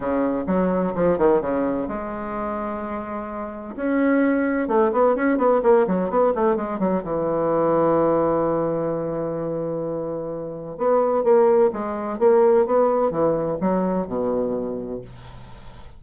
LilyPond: \new Staff \with { instrumentName = "bassoon" } { \time 4/4 \tempo 4 = 128 cis4 fis4 f8 dis8 cis4 | gis1 | cis'2 a8 b8 cis'8 b8 | ais8 fis8 b8 a8 gis8 fis8 e4~ |
e1~ | e2. b4 | ais4 gis4 ais4 b4 | e4 fis4 b,2 | }